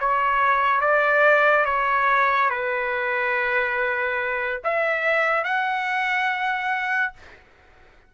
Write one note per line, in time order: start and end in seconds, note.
0.00 0.81 C#5
0.81 1.65 D5
1.65 2.50 C#5
2.50 4.61 B4
4.64 5.44 E5
5.44 7.13 F#5